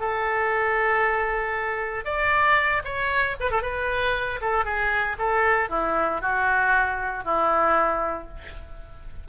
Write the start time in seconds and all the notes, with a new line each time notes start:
0.00 A4
2.05 D5
2.85 C#5
3.41 B4
3.51 A4
3.63 B4
4.42 A4
4.66 G#4
5.19 A4
5.70 E4
6.22 F#4
7.25 E4